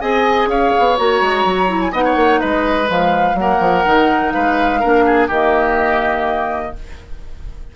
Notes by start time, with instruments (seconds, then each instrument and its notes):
0.00 bassoon C4, clarinet G#4, oboe D#5, flute G#5
0.47 bassoon C#4, oboe C#5, flute F5
0.78 bassoon B3
0.97 bassoon A#3, clarinet F#4, flute A#5
1.21 bassoon G#3
1.44 bassoon F#3
1.67 clarinet E4
1.80 flute G#5
1.92 bassoon B3, clarinet D#4, oboe D#5, flute F#5
2.05 oboe C#5
2.15 bassoon A#3
2.40 bassoon G#3, oboe B4, flute D#5
2.85 bassoon F3, clarinet G#3, flute F5
3.34 bassoon F#3, clarinet A#3, flute F#5
3.40 oboe A#4
3.60 bassoon F3
3.85 bassoon D#3, clarinet D#4
4.31 bassoon G#3, oboe B4, flute F5
4.80 bassoon A#3, clarinet D4, oboe A#4
5.06 oboe G#4
5.27 bassoon D#3, clarinet A#3, oboe G4, flute D#5